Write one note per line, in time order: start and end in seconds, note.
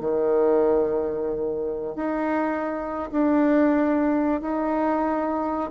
0.00 1.96 D#3
1.96 3.10 D#4
3.12 4.41 D4
4.41 5.70 D#4